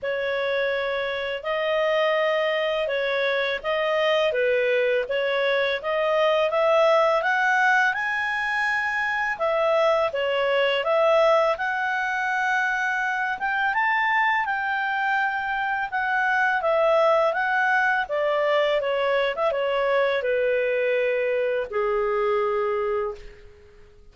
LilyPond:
\new Staff \with { instrumentName = "clarinet" } { \time 4/4 \tempo 4 = 83 cis''2 dis''2 | cis''4 dis''4 b'4 cis''4 | dis''4 e''4 fis''4 gis''4~ | gis''4 e''4 cis''4 e''4 |
fis''2~ fis''8 g''8 a''4 | g''2 fis''4 e''4 | fis''4 d''4 cis''8. e''16 cis''4 | b'2 gis'2 | }